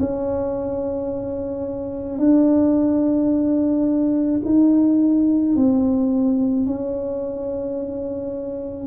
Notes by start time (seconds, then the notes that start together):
0.00 C#4
2.18 D4
4.45 D#4
5.56 C4
6.66 C#4